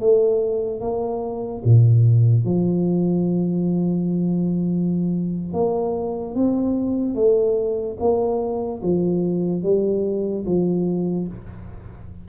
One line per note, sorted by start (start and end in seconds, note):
0.00 0.80 A3
0.80 1.63 A#3
1.64 2.45 A#2
2.45 5.53 F3
5.53 6.35 A#3
6.35 7.15 C4
7.15 7.97 A3
8.00 8.82 A#3
8.82 9.63 F3
9.63 10.45 G3
10.46 11.28 F3